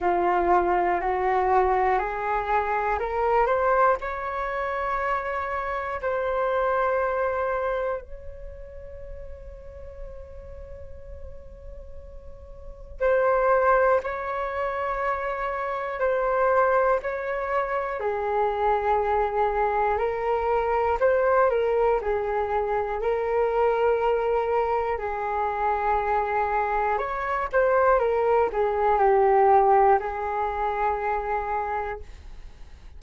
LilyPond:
\new Staff \with { instrumentName = "flute" } { \time 4/4 \tempo 4 = 60 f'4 fis'4 gis'4 ais'8 c''8 | cis''2 c''2 | cis''1~ | cis''4 c''4 cis''2 |
c''4 cis''4 gis'2 | ais'4 c''8 ais'8 gis'4 ais'4~ | ais'4 gis'2 cis''8 c''8 | ais'8 gis'8 g'4 gis'2 | }